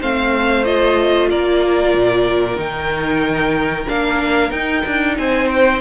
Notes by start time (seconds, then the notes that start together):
0.00 A3 C4 C5 F5
0.65 F4 D#5
1.30 A#3 A#4 D5
1.94 A#2
2.57 D#3 D#4 G5
3.88 A#3 D4 F5
4.51 D#4 G5
4.86 D4
5.18 C4 C5 G#5
5.50 G5